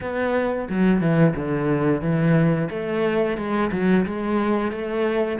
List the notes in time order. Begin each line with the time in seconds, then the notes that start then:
0.00 B3
0.69 F#3
1.01 E3
1.35 D3
2.01 E3
2.70 A3
3.37 G#3
3.71 F#3
4.06 G#3
4.71 A3